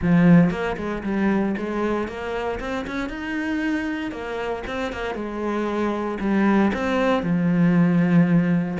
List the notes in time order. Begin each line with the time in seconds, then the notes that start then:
0.01 F3
0.50 A#3
0.76 G#3
1.03 G3
1.57 G#3
2.08 A#3
2.60 C4
2.86 C#4
3.09 D#4
4.11 A#3
4.66 C4
4.92 A#3
5.14 G#3
6.20 G3
6.73 C4
7.22 F3